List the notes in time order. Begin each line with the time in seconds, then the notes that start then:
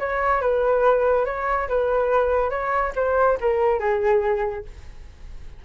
0.00 C#5
0.42 B4
1.26 C#5
1.69 B4
2.50 C#5
2.96 C5
3.41 A#4
3.80 G#4